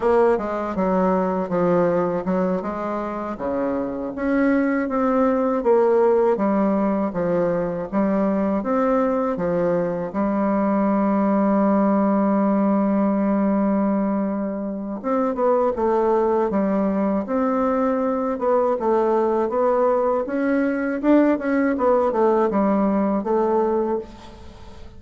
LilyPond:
\new Staff \with { instrumentName = "bassoon" } { \time 4/4 \tempo 4 = 80 ais8 gis8 fis4 f4 fis8 gis8~ | gis8 cis4 cis'4 c'4 ais8~ | ais8 g4 f4 g4 c'8~ | c'8 f4 g2~ g8~ |
g1 | c'8 b8 a4 g4 c'4~ | c'8 b8 a4 b4 cis'4 | d'8 cis'8 b8 a8 g4 a4 | }